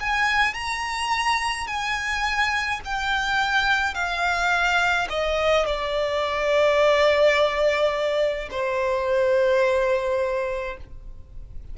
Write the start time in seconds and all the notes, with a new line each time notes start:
0.00 G#5
0.54 A#5
1.67 G#5
2.85 G5
3.94 F5
5.09 D#5
5.66 D5
8.51 C5